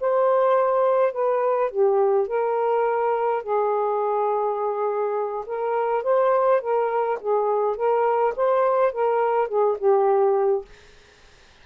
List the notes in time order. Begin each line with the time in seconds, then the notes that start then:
0.00 C5
1.13 B4
1.70 G4
2.27 A#4
3.43 G#4
5.46 A#4
6.03 C5
6.61 A#4
7.20 G#4
7.76 A#4
8.36 C5
8.92 A#4
9.48 G#4
9.78 G4